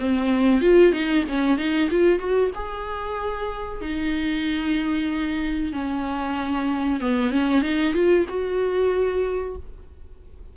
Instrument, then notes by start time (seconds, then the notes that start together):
viola
0.00 C4
0.62 F4
0.93 D#4
1.29 C#4
1.58 D#4
1.91 F4
2.19 F#4
2.55 G#4
3.81 D#4
5.73 C#4
7.00 B3
7.31 C#4
7.62 D#4
7.94 F4
8.29 F#4